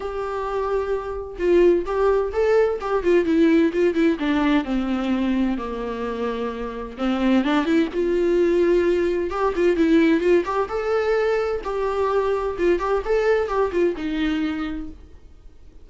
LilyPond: \new Staff \with { instrumentName = "viola" } { \time 4/4 \tempo 4 = 129 g'2. f'4 | g'4 a'4 g'8 f'8 e'4 | f'8 e'8 d'4 c'2 | ais2. c'4 |
d'8 e'8 f'2. | g'8 f'8 e'4 f'8 g'8 a'4~ | a'4 g'2 f'8 g'8 | a'4 g'8 f'8 dis'2 | }